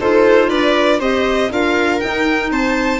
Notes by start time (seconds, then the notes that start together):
0.00 D#4 F4 A4 C5
0.49 D4 B4 D5
0.99 C4 G4 C5 D#5
1.51 D4 F4 A#4 F5
2.00 D#4 G5
2.51 C4 C5 A5